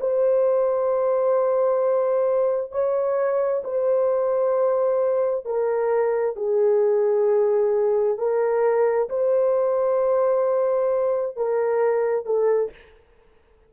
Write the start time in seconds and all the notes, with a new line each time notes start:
0.00 C5
2.71 C#5
3.64 C5
5.45 A#4
6.36 G#4
8.18 A#4
9.09 C5
11.36 A#4
12.26 A4